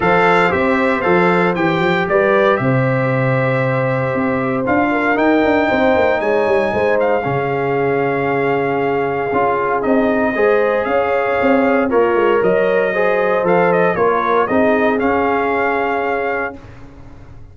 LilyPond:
<<
  \new Staff \with { instrumentName = "trumpet" } { \time 4/4 \tempo 4 = 116 f''4 e''4 f''4 g''4 | d''4 e''2.~ | e''4 f''4 g''2 | gis''4. f''2~ f''8~ |
f''2. dis''4~ | dis''4 f''2 cis''4 | dis''2 f''8 dis''8 cis''4 | dis''4 f''2. | }
  \new Staff \with { instrumentName = "horn" } { \time 4/4 c''1 | b'4 c''2.~ | c''4. ais'4. c''4 | cis''4 c''4 gis'2~ |
gis'1 | c''4 cis''2 f'4 | cis''4 c''2 ais'4 | gis'1 | }
  \new Staff \with { instrumentName = "trombone" } { \time 4/4 a'4 g'4 a'4 g'4~ | g'1~ | g'4 f'4 dis'2~ | dis'2 cis'2~ |
cis'2 f'4 dis'4 | gis'2. ais'4~ | ais'4 gis'4 a'4 f'4 | dis'4 cis'2. | }
  \new Staff \with { instrumentName = "tuba" } { \time 4/4 f4 c'4 f4 e8 f8 | g4 c2. | c'4 d'4 dis'8 d'8 c'8 ais8 | gis8 g8 gis4 cis2~ |
cis2 cis'4 c'4 | gis4 cis'4 c'4 ais8 gis8 | fis2 f4 ais4 | c'4 cis'2. | }
>>